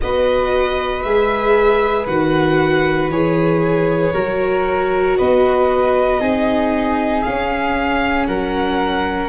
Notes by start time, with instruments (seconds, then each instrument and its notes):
0.01 tuba B3, viola F#4, flute B4, violin D#5
1.03 tuba G#3, viola G#4, violin E5
2.06 tuba D#3, viola F#4, violin F#5
3.08 tuba E3, viola G#4, violin C#5
4.13 tuba F#3, viola F#4, flute A#4
5.17 tuba B3, flute B4, violin D#5
6.20 tuba C4, viola D#4, flute G#4
7.22 viola C#4, tuba C#4, violin F5
8.27 tuba F#3, flute A#4, violin F#5